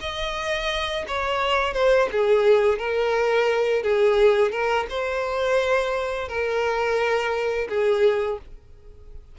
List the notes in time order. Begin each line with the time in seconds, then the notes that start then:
0.00 D#5
1.08 C#5
1.73 C5
2.11 G#4
2.78 A#4
3.82 G#4
4.51 A#4
4.89 C5
6.28 A#4
7.68 G#4